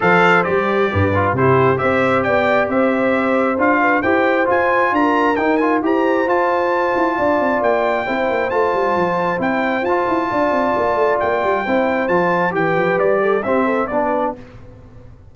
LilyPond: <<
  \new Staff \with { instrumentName = "trumpet" } { \time 4/4 \tempo 4 = 134 f''4 d''2 c''4 | e''4 g''4 e''2 | f''4 g''4 gis''4 ais''4 | g''8 gis''8 ais''4 a''2~ |
a''4 g''2 a''4~ | a''4 g''4 a''2~ | a''4 g''2 a''4 | g''4 d''4 e''4 d''4 | }
  \new Staff \with { instrumentName = "horn" } { \time 4/4 c''2 b'4 g'4 | c''4 d''4 c''2~ | c''8 b'8 c''2 ais'4~ | ais'4 c''2. |
d''2 c''2~ | c''2. d''4~ | d''2 c''2 | b'4. a'8 g'8 a'8 b'4 | }
  \new Staff \with { instrumentName = "trombone" } { \time 4/4 a'4 g'4. f'8 e'4 | g'1 | f'4 g'4 f'2 | dis'8 f'8 g'4 f'2~ |
f'2 e'4 f'4~ | f'4 e'4 f'2~ | f'2 e'4 f'4 | g'2 c'4 d'4 | }
  \new Staff \with { instrumentName = "tuba" } { \time 4/4 f4 g4 g,4 c4 | c'4 b4 c'2 | d'4 e'4 f'4 d'4 | dis'4 e'4 f'4. e'8 |
d'8 c'8 ais4 c'8 ais8 a8 g8 | f4 c'4 f'8 e'8 d'8 c'8 | ais8 a8 ais8 g8 c'4 f4 | e8 f8 g4 c'4 b4 | }
>>